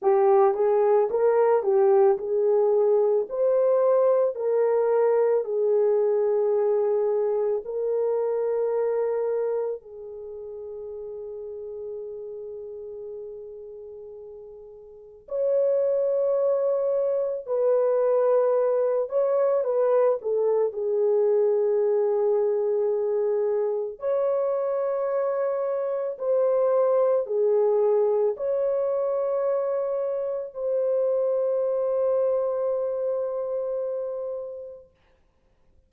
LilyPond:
\new Staff \with { instrumentName = "horn" } { \time 4/4 \tempo 4 = 55 g'8 gis'8 ais'8 g'8 gis'4 c''4 | ais'4 gis'2 ais'4~ | ais'4 gis'2.~ | gis'2 cis''2 |
b'4. cis''8 b'8 a'8 gis'4~ | gis'2 cis''2 | c''4 gis'4 cis''2 | c''1 | }